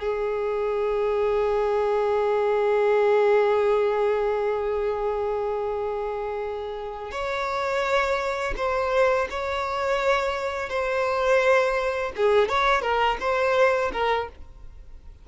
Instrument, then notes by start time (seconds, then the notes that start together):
violin
0.00 G#4
7.12 C#5
8.57 C5
9.31 C#5
10.70 C5
12.17 G#4
12.49 C#5
12.82 A#4
13.20 C5
13.93 A#4